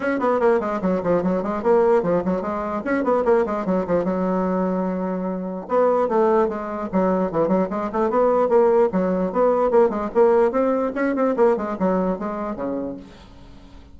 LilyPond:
\new Staff \with { instrumentName = "bassoon" } { \time 4/4 \tempo 4 = 148 cis'8 b8 ais8 gis8 fis8 f8 fis8 gis8 | ais4 f8 fis8 gis4 cis'8 b8 | ais8 gis8 fis8 f8 fis2~ | fis2 b4 a4 |
gis4 fis4 e8 fis8 gis8 a8 | b4 ais4 fis4 b4 | ais8 gis8 ais4 c'4 cis'8 c'8 | ais8 gis8 fis4 gis4 cis4 | }